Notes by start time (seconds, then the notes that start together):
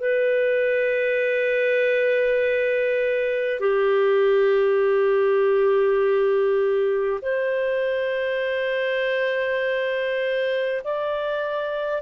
0.00 B4
3.60 G4
7.22 C5
10.84 D5